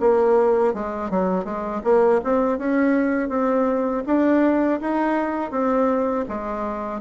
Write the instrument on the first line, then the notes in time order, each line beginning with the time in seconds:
bassoon
0.00 A#3
0.74 G#3
1.10 F#3
1.44 G#3
1.84 A#3
2.24 C4
2.58 C#4
3.29 C4
4.06 D4
4.80 D#4
5.51 C4
6.28 G#3